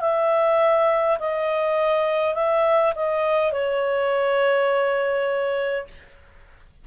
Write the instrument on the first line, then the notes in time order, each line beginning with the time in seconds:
clarinet
0.00 E5
1.19 D#5
2.34 E5
2.95 D#5
3.52 C#5